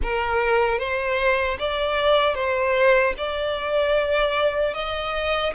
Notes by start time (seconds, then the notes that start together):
0.02 A#4
0.78 C5
1.58 D5
2.35 C5
3.17 D5
4.74 D#5